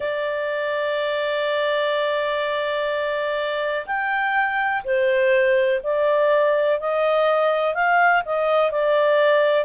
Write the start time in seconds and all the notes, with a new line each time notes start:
0.00 D5
3.86 G5
4.84 C5
5.83 D5
6.80 D#5
7.74 F5
8.25 D#5
8.71 D5